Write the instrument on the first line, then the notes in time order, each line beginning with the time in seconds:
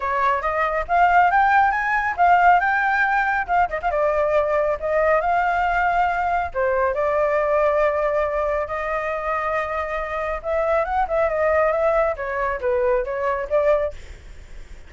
flute
0.00 C#5
0.41 D#5
0.88 F5
1.30 G5
1.71 G#5
2.16 F5
2.60 G5
3.47 F5
3.69 D#5
3.81 F5
3.90 D5
4.80 D#5
5.20 F5
6.53 C5
6.94 D5
8.67 D#5
10.42 E5
10.84 F#5
11.08 E5
11.29 D#5
11.72 E5
12.16 C#5
12.60 B4
13.04 C#5
13.49 D5